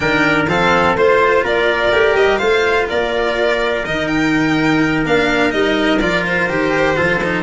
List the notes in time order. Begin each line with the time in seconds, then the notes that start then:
0.00 D#3 D4 A#4 G5
0.46 F3 C4 A4 F5
0.94 A3 F4 C5
1.43 A#3 A#4 D5
1.92 A3 G4
2.15 G3 D#5
2.37 A3 F4 C5 F5
2.88 A#3 A#4 D5
3.85 D#3 D#4 D#5
4.07 G5
5.05 A#3 D4 F5
5.50 G3 D#4 D#5
5.99 F3 F4 D5
6.25 C5
6.49 D#3 G4
6.96 F3 F4 A4
7.23 D#4